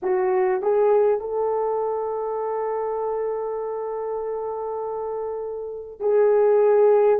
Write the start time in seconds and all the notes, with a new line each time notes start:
0.02 F#4
0.62 G#4
1.20 A4
5.99 G#4